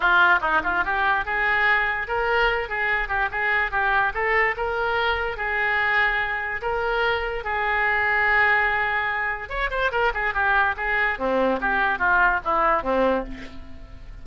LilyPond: \new Staff \with { instrumentName = "oboe" } { \time 4/4 \tempo 4 = 145 f'4 dis'8 f'8 g'4 gis'4~ | gis'4 ais'4. gis'4 g'8 | gis'4 g'4 a'4 ais'4~ | ais'4 gis'2. |
ais'2 gis'2~ | gis'2. cis''8 c''8 | ais'8 gis'8 g'4 gis'4 c'4 | g'4 f'4 e'4 c'4 | }